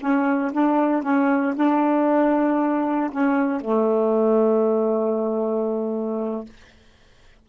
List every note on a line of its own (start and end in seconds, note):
0.00 0.52 C#4
0.52 1.03 D4
1.03 1.54 C#4
1.56 3.11 D4
3.11 3.61 C#4
3.61 6.45 A3